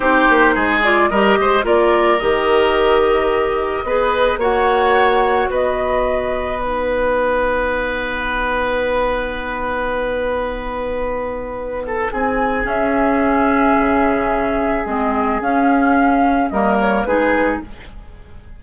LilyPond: <<
  \new Staff \with { instrumentName = "flute" } { \time 4/4 \tempo 4 = 109 c''4. d''8 dis''4 d''4 | dis''1 | fis''2 dis''2 | fis''1~ |
fis''1~ | fis''2 gis''4 e''4~ | e''2. dis''4 | f''2 dis''8 cis''8 b'4 | }
  \new Staff \with { instrumentName = "oboe" } { \time 4/4 g'4 gis'4 ais'8 c''8 ais'4~ | ais'2. b'4 | cis''2 b'2~ | b'1~ |
b'1~ | b'4. a'8 gis'2~ | gis'1~ | gis'2 ais'4 gis'4 | }
  \new Staff \with { instrumentName = "clarinet" } { \time 4/4 dis'4. f'8 g'4 f'4 | g'2. gis'4 | fis'1 | dis'1~ |
dis'1~ | dis'2. cis'4~ | cis'2. c'4 | cis'2 ais4 dis'4 | }
  \new Staff \with { instrumentName = "bassoon" } { \time 4/4 c'8 ais8 gis4 g8 gis8 ais4 | dis2. b4 | ais2 b2~ | b1~ |
b1~ | b2 c'4 cis'4~ | cis'4 cis2 gis4 | cis'2 g4 gis4 | }
>>